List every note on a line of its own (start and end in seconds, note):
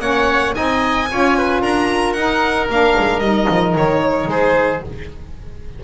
0.00 0.54 A#3
0.00 0.53 C#4
0.00 0.55 C#5
0.00 0.54 F#5
0.53 1.11 C4
0.53 1.07 D#4
0.53 1.09 D#5
0.53 1.62 G#5
1.10 1.62 C#4
1.10 2.16 F4
1.10 1.38 C#5
1.38 1.62 B4
1.62 2.15 D4
1.62 4.29 A#4
1.62 2.13 A#5
2.13 2.69 D#4
2.13 2.67 F#5
2.69 2.96 A#3
2.69 3.23 D4
2.69 3.20 F5
2.99 3.20 G#3
3.20 3.47 G3
3.20 4.84 D#4
3.20 3.73 D#5
3.50 3.75 F3
3.75 4.27 D#3
3.75 4.30 C#5
4.27 4.81 G#3
4.27 4.84 G#4
4.27 4.84 C5